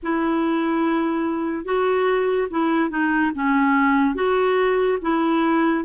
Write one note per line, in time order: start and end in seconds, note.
0.02 1.64 E4
1.64 2.48 F#4
2.50 2.89 E4
2.89 3.31 D#4
3.34 4.14 C#4
4.14 4.98 F#4
5.01 5.84 E4